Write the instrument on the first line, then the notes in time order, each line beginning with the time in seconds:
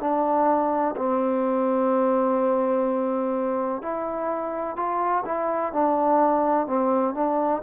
trombone
0.00 D4
0.97 C4
3.82 E4
4.77 F4
5.25 E4
5.73 D4
6.67 C4
7.14 D4